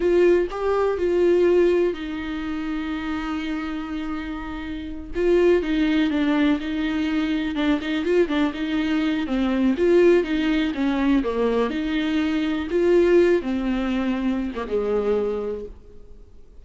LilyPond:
\new Staff \with { instrumentName = "viola" } { \time 4/4 \tempo 4 = 123 f'4 g'4 f'2 | dis'1~ | dis'2~ dis'8 f'4 dis'8~ | dis'8 d'4 dis'2 d'8 |
dis'8 f'8 d'8 dis'4. c'4 | f'4 dis'4 cis'4 ais4 | dis'2 f'4. c'8~ | c'4.~ c'16 ais16 gis2 | }